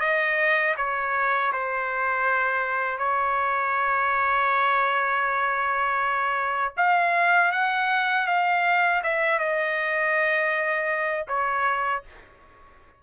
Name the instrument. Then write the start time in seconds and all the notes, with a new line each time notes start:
trumpet
0.00 D#5
0.77 C#5
1.53 C5
2.98 C#5
6.77 F5
7.52 F#5
8.27 F5
9.03 E5
9.39 D#5
11.28 C#5